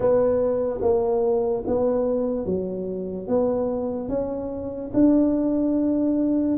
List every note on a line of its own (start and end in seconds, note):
0.00 0.80 B3
0.81 1.63 A#3
1.66 2.45 B3
2.45 3.27 F#3
3.27 4.09 B3
4.09 4.91 C#4
4.93 6.58 D4